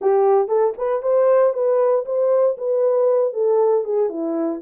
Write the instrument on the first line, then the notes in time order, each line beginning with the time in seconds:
horn
0.01 G4
0.48 A4
0.77 B4
1.02 C5
1.53 B4
2.05 C5
2.57 B4
3.33 A4
3.84 G#4
4.09 E4